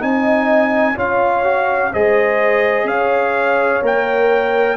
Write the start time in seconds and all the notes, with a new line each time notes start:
0.00 C4 D#4 D#5 G#5
0.96 C#4 F4 C#5 F5
1.44 F#4
1.93 G#3 G#4 C5 D#5
2.84 C#4 C#5 F5
3.82 A#3 A#4 G5